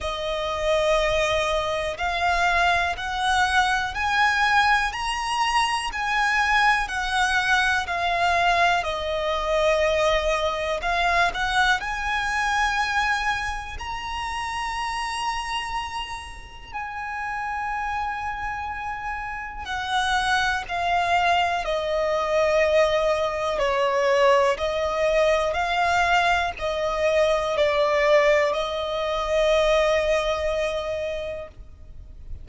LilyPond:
\new Staff \with { instrumentName = "violin" } { \time 4/4 \tempo 4 = 61 dis''2 f''4 fis''4 | gis''4 ais''4 gis''4 fis''4 | f''4 dis''2 f''8 fis''8 | gis''2 ais''2~ |
ais''4 gis''2. | fis''4 f''4 dis''2 | cis''4 dis''4 f''4 dis''4 | d''4 dis''2. | }